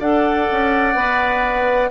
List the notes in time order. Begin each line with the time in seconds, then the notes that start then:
0.00 D4 A4 D5 F#5
0.51 C#4
0.95 B3 B4